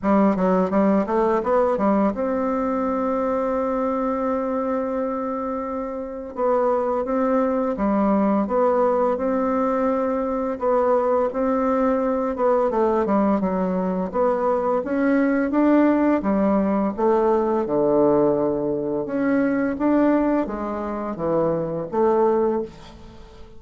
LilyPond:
\new Staff \with { instrumentName = "bassoon" } { \time 4/4 \tempo 4 = 85 g8 fis8 g8 a8 b8 g8 c'4~ | c'1~ | c'4 b4 c'4 g4 | b4 c'2 b4 |
c'4. b8 a8 g8 fis4 | b4 cis'4 d'4 g4 | a4 d2 cis'4 | d'4 gis4 e4 a4 | }